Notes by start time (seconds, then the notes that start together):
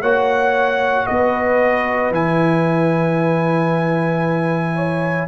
0.00 A#3 F#4 C#5 F#5
1.06 B3 B4 D#5
2.10 E3 E4 G#5
4.75 C#5